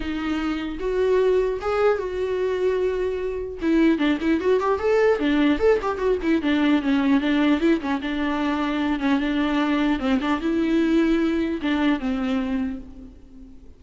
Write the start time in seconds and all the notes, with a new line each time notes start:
0.00 D#4
0.79 F#4
1.61 G#4
1.98 F#4
3.61 E4
3.98 D4
4.20 E4
4.40 F#4
4.59 G4
4.79 A4
5.19 D4
5.59 A4
5.81 G4
5.97 F#4
6.22 E4
6.42 D4
6.82 C#4
7.20 D4
7.60 E4
7.81 C#4
8.01 D4
8.99 C#4
9.19 D4
9.99 C4
10.20 D4
10.40 E4
11.61 D4
11.99 C4